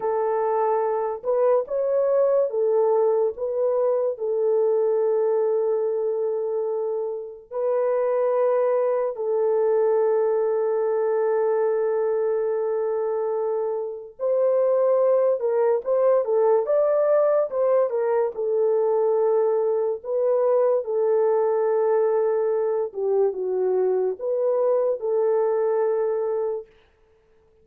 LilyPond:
\new Staff \with { instrumentName = "horn" } { \time 4/4 \tempo 4 = 72 a'4. b'8 cis''4 a'4 | b'4 a'2.~ | a'4 b'2 a'4~ | a'1~ |
a'4 c''4. ais'8 c''8 a'8 | d''4 c''8 ais'8 a'2 | b'4 a'2~ a'8 g'8 | fis'4 b'4 a'2 | }